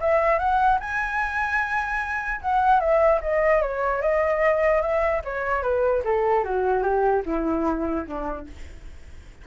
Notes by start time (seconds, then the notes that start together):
0.00 E5
0.38 F#5
0.79 G#5
2.41 F#5
2.79 E5
3.21 D#5
3.61 C#5
4.01 D#5
4.81 E5
5.24 C#5
5.62 B4
6.04 A4
6.43 F#4
6.82 G4
7.25 E4
8.06 D4